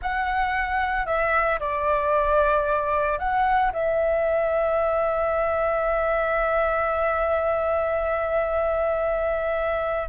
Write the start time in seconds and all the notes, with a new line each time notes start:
0.02 F#5
1.05 E5
1.59 D5
3.19 F#5
3.73 E5